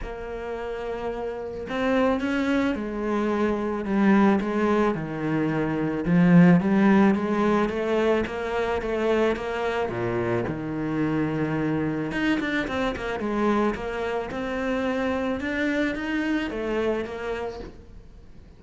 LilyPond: \new Staff \with { instrumentName = "cello" } { \time 4/4 \tempo 4 = 109 ais2. c'4 | cis'4 gis2 g4 | gis4 dis2 f4 | g4 gis4 a4 ais4 |
a4 ais4 ais,4 dis4~ | dis2 dis'8 d'8 c'8 ais8 | gis4 ais4 c'2 | d'4 dis'4 a4 ais4 | }